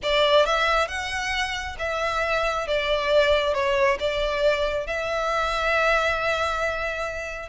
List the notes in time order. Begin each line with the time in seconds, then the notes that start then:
0.02 D5
0.45 E5
0.88 F#5
1.78 E5
2.67 D5
3.53 C#5
3.99 D5
4.86 E5